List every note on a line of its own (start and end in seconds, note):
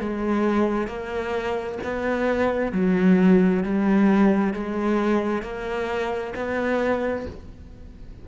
0.00 0.88 G#3
0.88 1.79 A#3
1.84 2.73 B3
2.73 3.64 F#3
3.64 4.54 G3
4.54 5.43 G#3
5.43 6.33 A#3
6.36 7.26 B3